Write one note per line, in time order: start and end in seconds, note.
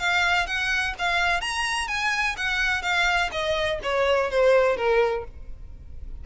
0.00 0.47 F5
0.47 0.95 F#5
0.99 1.41 F5
1.41 1.88 A#5
1.88 2.36 G#5
2.37 2.82 F#5
2.82 3.30 F5
3.32 3.80 D#5
3.83 4.31 C#5
4.31 4.77 C5
4.77 5.25 A#4